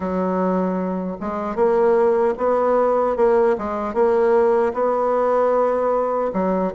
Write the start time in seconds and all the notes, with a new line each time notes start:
0.00 F#3
1.20 G#3
1.55 A#3
2.37 B3
3.16 A#3
3.57 G#3
3.93 A#3
4.73 B3
6.33 F#3